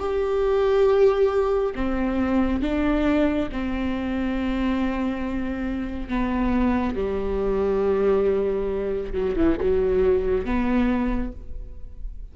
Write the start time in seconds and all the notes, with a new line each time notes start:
0.00 G4
1.75 C4
2.62 D4
3.52 C4
6.09 B3
6.96 G3
9.13 F#3
9.36 E3
9.61 F#3
10.45 B3